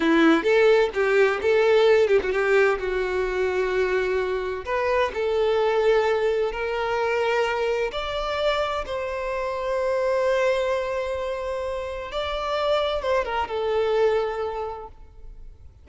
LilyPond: \new Staff \with { instrumentName = "violin" } { \time 4/4 \tempo 4 = 129 e'4 a'4 g'4 a'4~ | a'8 g'16 fis'16 g'4 fis'2~ | fis'2 b'4 a'4~ | a'2 ais'2~ |
ais'4 d''2 c''4~ | c''1~ | c''2 d''2 | c''8 ais'8 a'2. | }